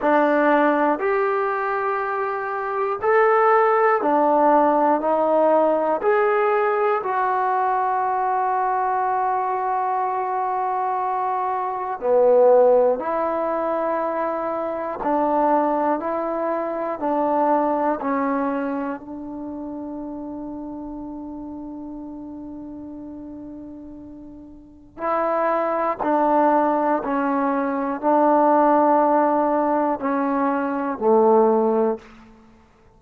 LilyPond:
\new Staff \with { instrumentName = "trombone" } { \time 4/4 \tempo 4 = 60 d'4 g'2 a'4 | d'4 dis'4 gis'4 fis'4~ | fis'1 | b4 e'2 d'4 |
e'4 d'4 cis'4 d'4~ | d'1~ | d'4 e'4 d'4 cis'4 | d'2 cis'4 a4 | }